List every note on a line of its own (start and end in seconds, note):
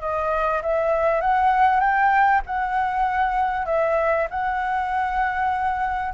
0.00 0.61 D#5
0.62 1.21 E5
1.21 1.80 F#5
1.80 2.41 G5
2.46 3.66 F#5
3.66 4.27 E5
4.30 6.13 F#5